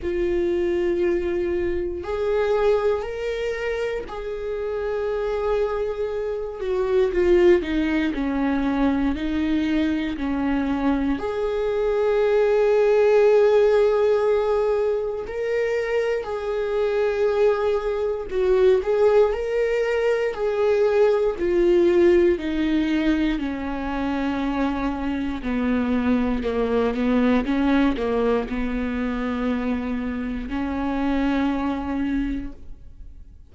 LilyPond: \new Staff \with { instrumentName = "viola" } { \time 4/4 \tempo 4 = 59 f'2 gis'4 ais'4 | gis'2~ gis'8 fis'8 f'8 dis'8 | cis'4 dis'4 cis'4 gis'4~ | gis'2. ais'4 |
gis'2 fis'8 gis'8 ais'4 | gis'4 f'4 dis'4 cis'4~ | cis'4 b4 ais8 b8 cis'8 ais8 | b2 cis'2 | }